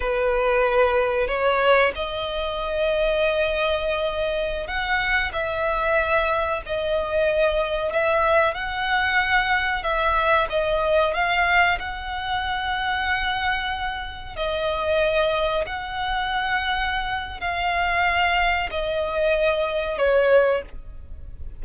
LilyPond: \new Staff \with { instrumentName = "violin" } { \time 4/4 \tempo 4 = 93 b'2 cis''4 dis''4~ | dis''2.~ dis''16 fis''8.~ | fis''16 e''2 dis''4.~ dis''16~ | dis''16 e''4 fis''2 e''8.~ |
e''16 dis''4 f''4 fis''4.~ fis''16~ | fis''2~ fis''16 dis''4.~ dis''16~ | dis''16 fis''2~ fis''8. f''4~ | f''4 dis''2 cis''4 | }